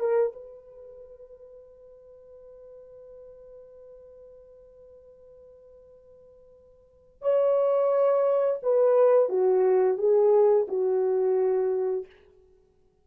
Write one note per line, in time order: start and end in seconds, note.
0.00 0.33 A#4
0.33 7.22 B4
7.22 8.60 C#5
8.63 9.29 B4
9.29 9.98 F#4
9.98 10.67 G#4
10.68 12.06 F#4